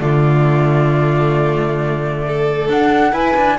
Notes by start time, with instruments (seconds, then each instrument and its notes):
0.00 double bass D3, cello A3, violin F4, flute D5
2.27 violin A4
2.69 cello D4, double bass D4, flute F#5
3.12 double bass E4, cello E4, violin B4, flute G#5
3.37 cello D4